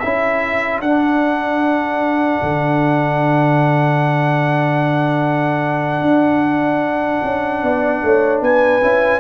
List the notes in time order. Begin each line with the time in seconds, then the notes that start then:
0.00 C#4 E4 A4 E5
0.81 D4 F#5
2.42 D3
6.01 D4
7.23 C#4
7.63 B3 D5
8.03 A3 C#5
8.41 B3 B4 G#5
8.82 C#4 E4